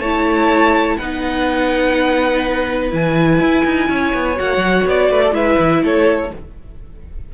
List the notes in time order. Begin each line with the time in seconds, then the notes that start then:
0.00 A3 E4 C#5 A5
0.97 B3 D#4 B4 F#5
2.91 E3 E4 G#5
3.40 E4
3.65 D#4
3.89 C#4 C#5
4.14 B3
4.36 A#3 F#4 F#5
4.57 F#3
4.87 B3 D5
5.11 A3 B4
5.22 A4
5.32 G#3 E4 B4 E5
5.59 E3
5.83 A3 A4 C#5